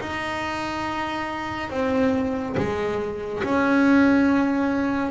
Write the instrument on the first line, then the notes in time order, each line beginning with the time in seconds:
double bass
0.00 D#4
1.70 C4
2.57 G#3
3.44 C#4